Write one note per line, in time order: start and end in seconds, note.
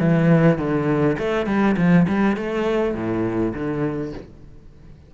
0.00 0.58 E3
0.58 1.17 D3
1.19 1.47 A3
1.47 1.76 G3
1.78 2.07 F3
2.09 2.37 G3
2.37 2.95 A3
2.95 3.54 A2
3.54 4.13 D3